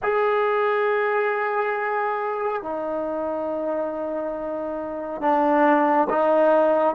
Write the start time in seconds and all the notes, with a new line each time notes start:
0.02 G#4
2.62 D#4
5.21 D4
6.09 D#4